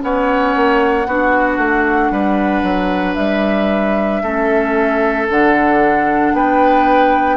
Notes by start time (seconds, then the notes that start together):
0.00 B3 C#4 C#5 F#5
0.56 A#3
1.07 B3 D4 F#4
1.58 A3
2.11 G3 B4
2.63 F#3
3.15 G3 E5
4.23 A3 C#4 A4
5.29 D3 D4 F#5
6.34 B3 B4 G5